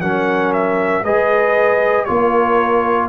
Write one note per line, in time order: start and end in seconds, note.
0.00 1.04 F#3
0.00 1.03 C#4
0.00 1.03 A#4
0.00 0.52 F#5
0.53 1.04 E5
1.03 2.07 G#3
1.03 2.06 G#4
1.03 2.07 B4
1.03 2.04 D#5
2.04 3.09 A#3
2.04 3.09 F4
2.04 3.09 A#4
2.04 3.08 C#5